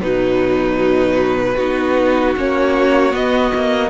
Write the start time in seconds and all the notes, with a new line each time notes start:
0.00 B2 F#3 D#4 B4
1.55 B3 D#4 F#4
2.36 A#3 C#4 C#5
3.11 B3 D#5
3.54 A#3